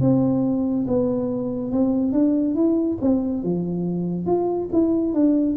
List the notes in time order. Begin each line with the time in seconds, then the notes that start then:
0.00 C4
0.87 B3
1.71 C4
2.12 D4
2.55 E4
3.01 C4
3.43 F3
4.26 F4
4.72 E4
5.14 D4